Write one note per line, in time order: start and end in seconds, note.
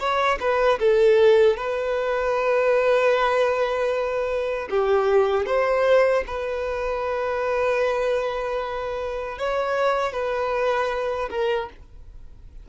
0.00 0.39 C#5
0.40 0.79 B4
0.80 1.57 A4
1.57 4.69 B4
4.70 5.46 G4
5.46 6.24 C5
6.27 9.39 B4
9.39 10.13 C#5
10.13 11.30 B4
11.31 11.70 A#4